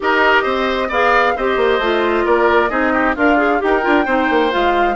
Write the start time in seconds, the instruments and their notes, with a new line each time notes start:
0.00 bassoon D#4, clarinet G4, oboe A#4, flute D#5
0.43 bassoon C4, oboe C5
0.88 bassoon B3, clarinet G#4, oboe D5, flute F5
1.36 bassoon C4, clarinet G4, oboe C5, flute D#5
1.56 bassoon A#3
1.79 bassoon A3, clarinet F4
2.25 bassoon A#3, oboe A#4, flute D5
2.69 bassoon C4, clarinet D#4, oboe G#4, flute D#5
2.93 oboe G4
3.15 bassoon D4, oboe F4, clarinet A#4, flute F5
3.37 clarinet G#4
3.59 bassoon D#4, clarinet G4, flute G5
3.65 oboe A#4
3.81 bassoon D4, clarinet F4
4.05 bassoon C4, clarinet D#4, oboe C5
4.30 bassoon A#3
4.50 bassoon G#3, clarinet F4, flute F5